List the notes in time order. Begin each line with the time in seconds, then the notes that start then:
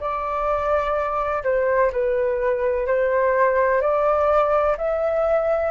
0.00 D5
1.43 C5
1.92 B4
2.87 C5
3.81 D5
4.77 E5